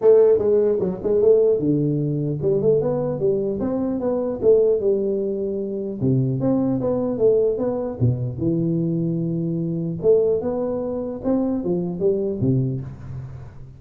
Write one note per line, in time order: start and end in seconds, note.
0.01 0.38 A3
0.38 0.78 G#3
0.80 1.00 F#3
1.03 1.21 G#3
1.21 1.59 A3
1.59 2.39 D3
2.41 2.61 G3
2.61 2.81 A3
2.81 3.19 B3
3.19 3.59 G3
3.59 3.99 C4
4.00 4.40 B3
4.41 4.79 A3
4.79 5.99 G3
6.00 6.40 C3
6.40 6.80 C4
6.80 7.18 B3
7.18 7.57 A3
7.57 7.97 B3
8.00 8.37 B2
8.37 9.97 E3
10.01 10.41 A3
10.41 11.21 B3
11.23 11.63 C4
11.64 11.99 F3
11.99 12.39 G3
12.40 12.80 C3